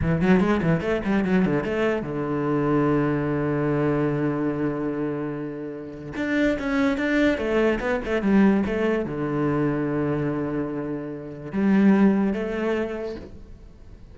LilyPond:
\new Staff \with { instrumentName = "cello" } { \time 4/4 \tempo 4 = 146 e8 fis8 gis8 e8 a8 g8 fis8 d8 | a4 d2.~ | d1~ | d2. d'4 |
cis'4 d'4 a4 b8 a8 | g4 a4 d2~ | d1 | g2 a2 | }